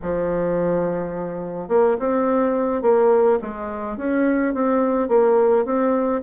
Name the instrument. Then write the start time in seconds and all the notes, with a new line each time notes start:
bassoon
0.02 F3
1.68 A#3
1.99 C4
2.81 A#3
3.41 G#3
3.97 C#4
4.54 C4
5.08 A#3
5.65 C4